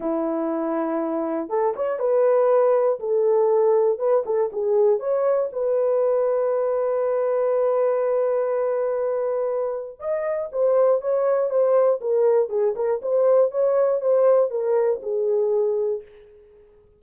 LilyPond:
\new Staff \with { instrumentName = "horn" } { \time 4/4 \tempo 4 = 120 e'2. a'8 cis''8 | b'2 a'2 | b'8 a'8 gis'4 cis''4 b'4~ | b'1~ |
b'1 | dis''4 c''4 cis''4 c''4 | ais'4 gis'8 ais'8 c''4 cis''4 | c''4 ais'4 gis'2 | }